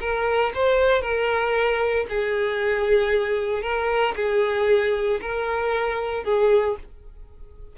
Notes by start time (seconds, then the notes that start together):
0.00 A#4
0.54 C5
1.02 A#4
2.09 G#4
3.62 A#4
4.16 G#4
5.21 A#4
6.24 G#4